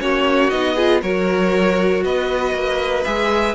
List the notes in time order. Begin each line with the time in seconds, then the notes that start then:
0.00 A#3 C#4 F#4 C#5
0.50 B3 D#4 D#5
0.75 F4 G#4
1.02 F#3 F#4 A#4 C#5
2.04 B3 B4 D#5
2.55 A#3
3.05 G#3 G#4 E5